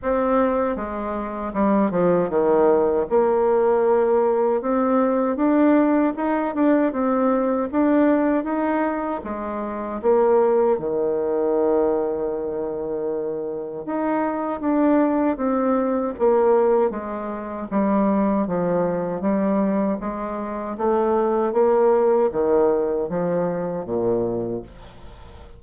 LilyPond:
\new Staff \with { instrumentName = "bassoon" } { \time 4/4 \tempo 4 = 78 c'4 gis4 g8 f8 dis4 | ais2 c'4 d'4 | dis'8 d'8 c'4 d'4 dis'4 | gis4 ais4 dis2~ |
dis2 dis'4 d'4 | c'4 ais4 gis4 g4 | f4 g4 gis4 a4 | ais4 dis4 f4 ais,4 | }